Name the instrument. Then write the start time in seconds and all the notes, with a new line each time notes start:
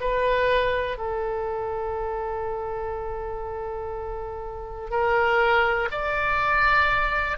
oboe
0.00 B4
0.97 A4
4.90 A#4
5.91 D5